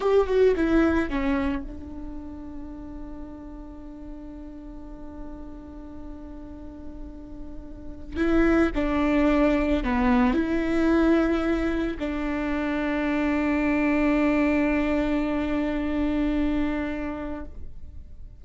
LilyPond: \new Staff \with { instrumentName = "viola" } { \time 4/4 \tempo 4 = 110 g'8 fis'8 e'4 cis'4 d'4~ | d'1~ | d'1~ | d'2. e'4 |
d'2 b4 e'4~ | e'2 d'2~ | d'1~ | d'1 | }